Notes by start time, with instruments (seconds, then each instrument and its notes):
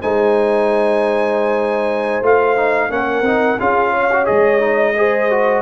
0.00 tuba G#3, trombone D#4, horn C5, trumpet G#5
2.21 tuba A3, trombone F4, trumpet F5
2.57 trombone D#4
2.90 tuba A#3, trombone C#4, horn A#4, trumpet F#5
3.22 tuba C4, trombone D#4
3.60 tuba C#4, trombone F4, horn G#4, trumpet F5
3.91 horn C#5
4.12 trombone F#4
4.25 tuba G#3, trombone G#4, trumpet D#5
4.60 trombone D#4
4.97 trombone G#4, horn C5
5.31 trombone F#4